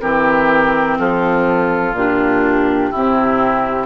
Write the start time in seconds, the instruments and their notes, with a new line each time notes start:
0.00 bassoon E3, clarinet C4, oboe G4, flute A#4
0.98 bassoon F3, oboe F4, flute A4
1.93 bassoon A#2, clarinet D4, flute G4
2.90 bassoon C3, clarinet C4, oboe E4